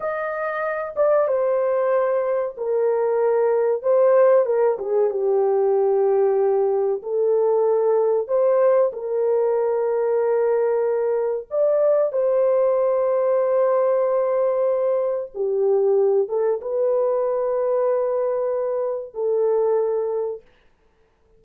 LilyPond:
\new Staff \with { instrumentName = "horn" } { \time 4/4 \tempo 4 = 94 dis''4. d''8 c''2 | ais'2 c''4 ais'8 gis'8 | g'2. a'4~ | a'4 c''4 ais'2~ |
ais'2 d''4 c''4~ | c''1 | g'4. a'8 b'2~ | b'2 a'2 | }